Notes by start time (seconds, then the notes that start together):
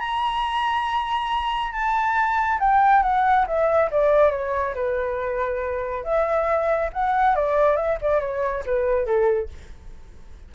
0.00 A#5
1.72 A5
2.60 G5
3.03 F#5
3.47 E5
3.91 D5
4.31 C#5
4.75 B4
6.04 E5
6.93 F#5
7.36 D5
7.77 E5
8.02 D5
8.21 C#5
8.66 B4
9.06 A4